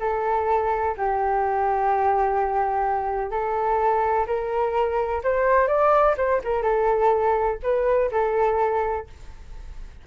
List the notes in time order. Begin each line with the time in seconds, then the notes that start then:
0.00 A4
0.97 G4
3.31 A4
4.27 A#4
5.24 C5
5.68 D5
6.17 C5
6.44 A#4
6.63 A4
7.63 B4
8.12 A4